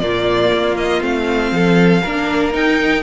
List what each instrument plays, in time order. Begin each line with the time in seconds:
0.00 cello A#2, viola A#3, violin F4 D5
0.53 cello A#3
0.77 violin D#5
1.00 cello A3, viola C4, violin F5
1.52 cello F3, violin A4
2.03 cello A#3, viola D4, violin A#4
2.53 viola D#4, cello D#4, violin G5